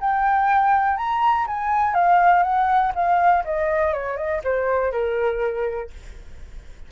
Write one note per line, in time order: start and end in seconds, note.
0.00 0.97 G5
0.97 1.46 A#5
1.47 1.94 G#5
1.94 2.43 F5
2.43 2.92 F#5
2.95 3.44 F5
3.44 3.93 D#5
3.93 4.17 C#5
4.17 4.41 D#5
4.44 4.92 C5
4.92 5.90 A#4